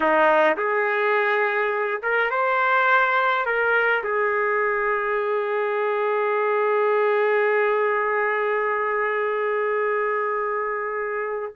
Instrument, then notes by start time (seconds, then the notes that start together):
trumpet
0.00 D#4
0.56 G#4
2.02 A#4
2.30 C5
3.45 A#4
4.03 G#4